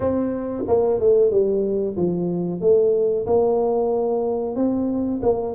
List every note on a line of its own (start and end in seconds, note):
0.00 0.63 C4
0.67 1.00 A#3
1.00 1.30 A3
1.30 1.96 G3
1.96 2.61 F3
2.61 3.26 A3
3.26 4.55 A#3
4.55 5.20 C4
5.22 5.55 A#3